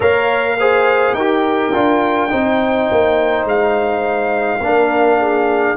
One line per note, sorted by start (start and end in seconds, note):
0.00 1.13 A#3
0.00 0.57 A#4
0.00 0.56 C#5
0.00 1.13 F5
0.58 1.17 G#4
0.58 1.15 C5
1.13 1.71 D#4
1.13 1.73 G4
1.13 2.29 A#4
1.13 3.44 G5
1.73 2.31 D4
1.73 2.29 F4
2.29 2.90 C4
2.29 4.59 D#4
2.29 4.60 C5
2.91 3.44 A#3
3.44 4.59 G#3
3.44 5.76 F5
4.60 5.75 A#3
4.60 5.76 D4
4.60 5.19 A#4
5.19 5.76 G#4